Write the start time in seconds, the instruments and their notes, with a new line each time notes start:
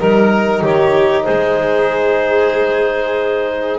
0.00 double bass G3, trombone D#4, clarinet A#4, violin A#4
0.62 double bass D#3, violin G4, clarinet C#5
1.24 double bass G#3, violin G#4, clarinet C5